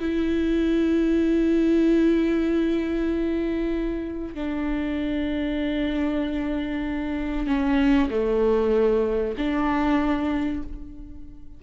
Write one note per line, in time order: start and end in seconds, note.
0.00 4.34 E4
4.34 7.47 D4
7.47 8.10 C#4
8.10 9.35 A3
9.38 10.63 D4